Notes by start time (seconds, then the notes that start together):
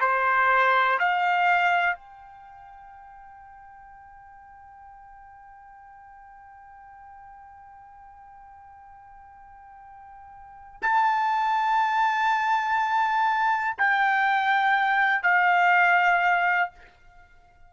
0.00 C5
0.99 F5
1.95 G5
10.82 A5
13.77 G5
15.23 F5